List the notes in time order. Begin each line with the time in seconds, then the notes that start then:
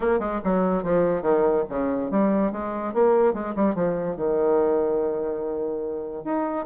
0.00 A#3
0.19 G#3
0.44 F#3
0.83 F3
1.22 D#3
1.69 C#3
2.10 G3
2.52 G#3
2.93 A#3
3.33 G#3
3.55 G3
3.74 F3
4.16 D#3
6.24 D#4